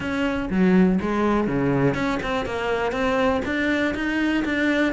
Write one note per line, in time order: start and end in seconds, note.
0.00 0.49 C#4
0.50 0.99 F#3
1.01 1.47 G#3
1.47 1.94 C#3
1.94 2.18 C#4
2.23 2.45 C4
2.45 2.92 A#3
2.92 3.41 C4
3.45 3.94 D4
3.95 4.44 D#4
4.45 4.92 D4